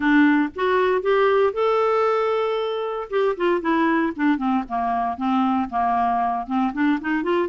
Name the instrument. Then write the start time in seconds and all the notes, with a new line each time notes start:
clarinet
0.00 D4
0.55 F#4
1.02 G4
1.53 A4
3.10 G4
3.36 F4
3.61 E4
4.16 D4
4.37 C4
4.68 A#3
5.17 C4
5.69 A#3
6.46 C4
6.73 D4
7.00 D#4
7.23 F4